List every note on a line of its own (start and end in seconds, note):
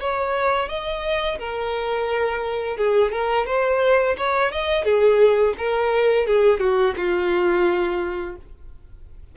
0.00 0.68 C#5
0.68 1.38 D#5
1.39 2.77 A#4
2.77 3.11 G#4
3.11 3.46 A#4
3.46 4.16 C5
4.17 4.52 C#5
4.52 4.84 D#5
4.84 5.54 G#4
5.58 6.26 A#4
6.26 6.60 G#4
6.60 6.95 F#4
6.96 8.36 F4